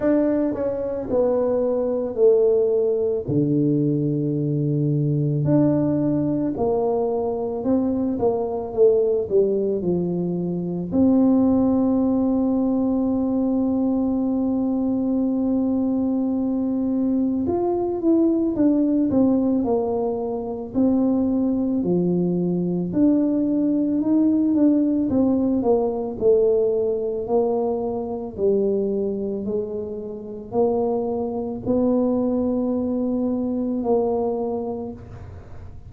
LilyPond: \new Staff \with { instrumentName = "tuba" } { \time 4/4 \tempo 4 = 55 d'8 cis'8 b4 a4 d4~ | d4 d'4 ais4 c'8 ais8 | a8 g8 f4 c'2~ | c'1 |
f'8 e'8 d'8 c'8 ais4 c'4 | f4 d'4 dis'8 d'8 c'8 ais8 | a4 ais4 g4 gis4 | ais4 b2 ais4 | }